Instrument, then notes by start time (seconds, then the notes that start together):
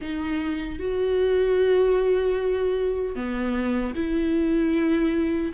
viola
0.01 D#4
0.79 F#4
3.15 B3
3.95 E4